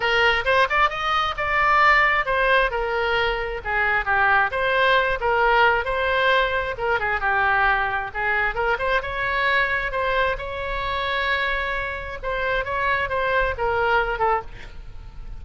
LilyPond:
\new Staff \with { instrumentName = "oboe" } { \time 4/4 \tempo 4 = 133 ais'4 c''8 d''8 dis''4 d''4~ | d''4 c''4 ais'2 | gis'4 g'4 c''4. ais'8~ | ais'4 c''2 ais'8 gis'8 |
g'2 gis'4 ais'8 c''8 | cis''2 c''4 cis''4~ | cis''2. c''4 | cis''4 c''4 ais'4. a'8 | }